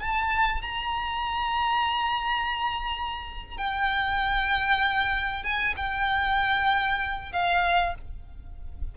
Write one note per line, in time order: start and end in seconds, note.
0.00 0.62 A5
0.62 3.57 A#5
3.57 5.43 G5
5.43 5.75 G#5
5.77 7.32 G5
7.32 7.95 F5